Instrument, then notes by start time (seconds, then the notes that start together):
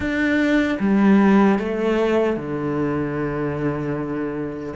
cello
0.00 D4
0.79 G3
1.59 A3
2.36 D3